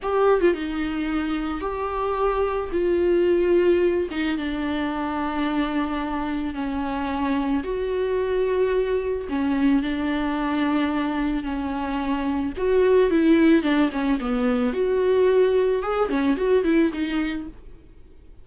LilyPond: \new Staff \with { instrumentName = "viola" } { \time 4/4 \tempo 4 = 110 g'8. f'16 dis'2 g'4~ | g'4 f'2~ f'8 dis'8 | d'1 | cis'2 fis'2~ |
fis'4 cis'4 d'2~ | d'4 cis'2 fis'4 | e'4 d'8 cis'8 b4 fis'4~ | fis'4 gis'8 cis'8 fis'8 e'8 dis'4 | }